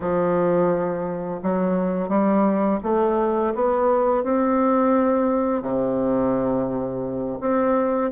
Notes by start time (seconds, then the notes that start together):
0.00 F3
1.42 F#3
2.08 G3
2.83 A3
3.55 B3
4.23 C4
5.62 C3
7.40 C4